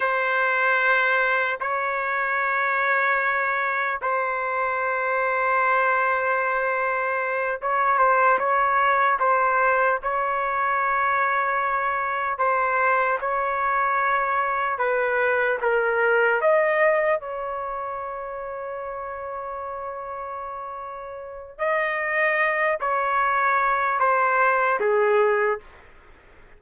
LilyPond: \new Staff \with { instrumentName = "trumpet" } { \time 4/4 \tempo 4 = 75 c''2 cis''2~ | cis''4 c''2.~ | c''4. cis''8 c''8 cis''4 c''8~ | c''8 cis''2. c''8~ |
c''8 cis''2 b'4 ais'8~ | ais'8 dis''4 cis''2~ cis''8~ | cis''2. dis''4~ | dis''8 cis''4. c''4 gis'4 | }